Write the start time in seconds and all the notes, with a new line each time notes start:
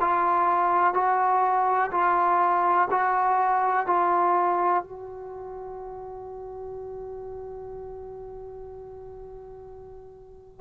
0.00 F4
0.93 F#4
1.91 F4
2.90 F#4
3.86 F4
4.83 F#4